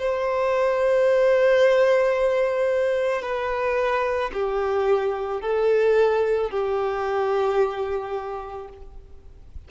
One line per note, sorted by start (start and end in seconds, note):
0.00 3.22 C5
3.22 4.31 B4
4.34 5.41 G4
5.41 6.51 A4
6.51 8.69 G4